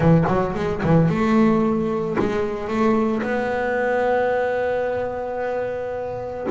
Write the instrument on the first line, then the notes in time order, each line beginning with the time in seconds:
double bass
0.00 E3
0.27 F#3
0.54 G#3
0.83 E3
1.08 A3
2.19 G#3
2.68 A3
3.22 B3